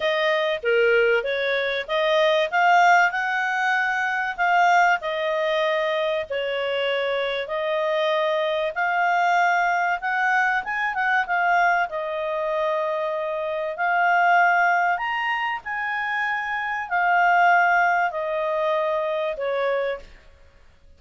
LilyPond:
\new Staff \with { instrumentName = "clarinet" } { \time 4/4 \tempo 4 = 96 dis''4 ais'4 cis''4 dis''4 | f''4 fis''2 f''4 | dis''2 cis''2 | dis''2 f''2 |
fis''4 gis''8 fis''8 f''4 dis''4~ | dis''2 f''2 | ais''4 gis''2 f''4~ | f''4 dis''2 cis''4 | }